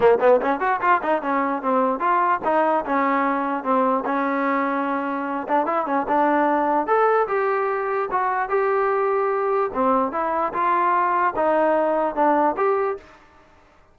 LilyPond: \new Staff \with { instrumentName = "trombone" } { \time 4/4 \tempo 4 = 148 ais8 b8 cis'8 fis'8 f'8 dis'8 cis'4 | c'4 f'4 dis'4 cis'4~ | cis'4 c'4 cis'2~ | cis'4. d'8 e'8 cis'8 d'4~ |
d'4 a'4 g'2 | fis'4 g'2. | c'4 e'4 f'2 | dis'2 d'4 g'4 | }